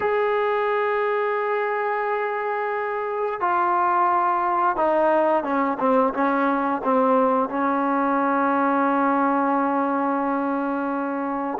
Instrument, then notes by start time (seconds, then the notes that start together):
trombone
0.00 G#4
3.40 F4
4.76 D#4
5.43 C#4
5.79 C4
6.13 C#4
6.84 C4
7.49 C#4